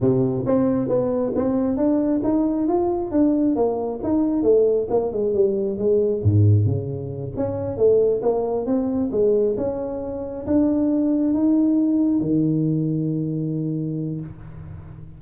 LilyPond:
\new Staff \with { instrumentName = "tuba" } { \time 4/4 \tempo 4 = 135 c4 c'4 b4 c'4 | d'4 dis'4 f'4 d'4 | ais4 dis'4 a4 ais8 gis8 | g4 gis4 gis,4 cis4~ |
cis8 cis'4 a4 ais4 c'8~ | c'8 gis4 cis'2 d'8~ | d'4. dis'2 dis8~ | dis1 | }